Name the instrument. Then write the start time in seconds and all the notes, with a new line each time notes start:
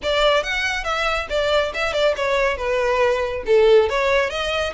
violin
0.02 D5
0.43 F#5
0.84 E5
1.29 D5
1.74 E5
1.93 D5
2.16 C#5
2.57 B4
3.46 A4
3.89 C#5
4.29 D#5